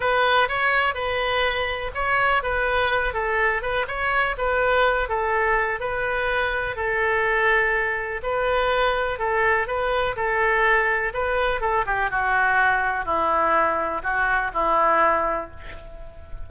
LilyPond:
\new Staff \with { instrumentName = "oboe" } { \time 4/4 \tempo 4 = 124 b'4 cis''4 b'2 | cis''4 b'4. a'4 b'8 | cis''4 b'4. a'4. | b'2 a'2~ |
a'4 b'2 a'4 | b'4 a'2 b'4 | a'8 g'8 fis'2 e'4~ | e'4 fis'4 e'2 | }